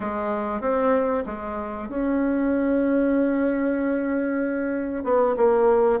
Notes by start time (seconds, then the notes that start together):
0.00 G#3
0.61 C4
1.26 G#3
1.88 C#4
5.04 B3
5.37 A#3